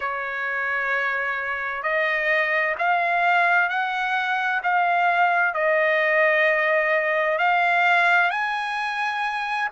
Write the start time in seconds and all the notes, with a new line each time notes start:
0.00 C#5
1.83 D#5
2.78 F5
3.69 F#5
4.63 F5
5.53 D#5
7.38 F5
8.30 G#5